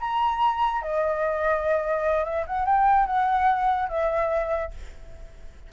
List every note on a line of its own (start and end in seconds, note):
0.00 0.82 A#5
0.82 2.25 D#5
2.25 2.45 E5
2.47 2.66 F#5
2.66 3.07 G5
3.07 3.89 F#5
3.89 4.71 E5